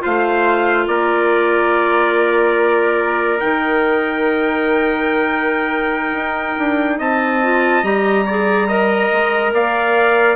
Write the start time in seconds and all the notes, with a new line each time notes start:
0.00 A3 F4 C5 F5
0.87 A#3 A#4 D5
3.40 D#3 D#4 G5
6.13 D#4
6.58 D4
6.98 C4 D#5 A5
7.42 F4
7.82 G3 G4 A#5
8.25 G#4 D5
8.68 A#4 D#5
9.12 G#3
9.52 A#3 D5 F5